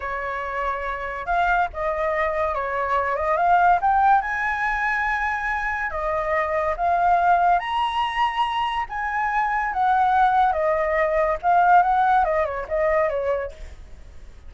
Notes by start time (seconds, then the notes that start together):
0.00 C#5
1.26 F5
1.73 D#5
2.54 C#5
3.16 D#5
3.36 F5
3.81 G5
4.21 G#5
5.90 D#5
6.76 F5
7.59 A#5
8.89 G#5
9.73 F#5
10.52 D#5
11.42 F5
11.82 F#5
12.24 D#5
12.45 C#5
12.68 D#5
13.09 C#5